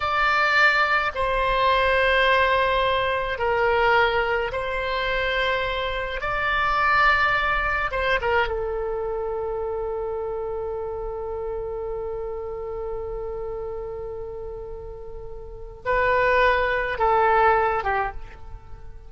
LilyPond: \new Staff \with { instrumentName = "oboe" } { \time 4/4 \tempo 4 = 106 d''2 c''2~ | c''2 ais'2 | c''2. d''4~ | d''2 c''8 ais'8 a'4~ |
a'1~ | a'1~ | a'1 | b'2 a'4. g'8 | }